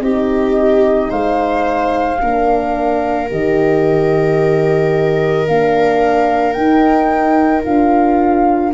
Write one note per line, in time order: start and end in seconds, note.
0.00 1.09 C4
0.00 2.20 D#4
0.00 1.10 G4
0.00 1.11 D#5
1.10 2.21 G#3
1.10 2.19 C5
1.10 3.29 F5
2.20 3.30 A#3
2.20 3.30 D4
2.20 8.74 A#4
3.30 5.48 D#3
3.30 5.48 G4
3.30 5.47 D#5
5.47 6.56 A#3
5.47 6.57 D4
5.47 6.52 F5
6.52 7.65 D#4
6.52 7.64 D#4
6.52 7.61 G5
7.64 8.74 D4
7.64 8.73 F4
7.64 8.73 F5